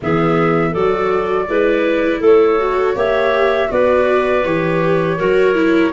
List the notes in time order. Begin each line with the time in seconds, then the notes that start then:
0.01 E3 B3 G#4 E5
0.71 F#3 A4 D5
0.77 F#4
1.48 G#3 E4 B4
2.20 A3 A4 C#5
2.59 F#4
2.95 A#3 G4 C#5 E5
3.68 B3 F#4 B4 D5
4.44 E3 G4 C#5
5.17 F#3 F#4 A#4
5.54 E4